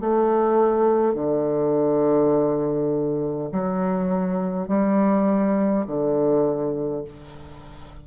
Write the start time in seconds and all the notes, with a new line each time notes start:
0.00 A3
1.14 D3
3.51 F#3
4.67 G3
5.86 D3